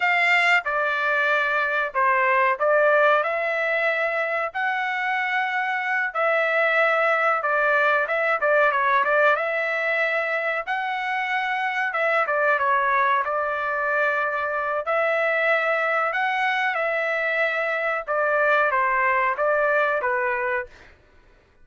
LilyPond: \new Staff \with { instrumentName = "trumpet" } { \time 4/4 \tempo 4 = 93 f''4 d''2 c''4 | d''4 e''2 fis''4~ | fis''4. e''2 d''8~ | d''8 e''8 d''8 cis''8 d''8 e''4.~ |
e''8 fis''2 e''8 d''8 cis''8~ | cis''8 d''2~ d''8 e''4~ | e''4 fis''4 e''2 | d''4 c''4 d''4 b'4 | }